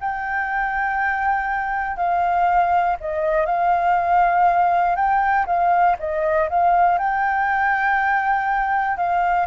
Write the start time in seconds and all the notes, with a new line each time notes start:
0.00 G5
1.97 F5
3.00 D#5
3.46 F5
4.96 G5
5.46 F5
5.99 D#5
6.49 F5
6.98 G5
8.97 F5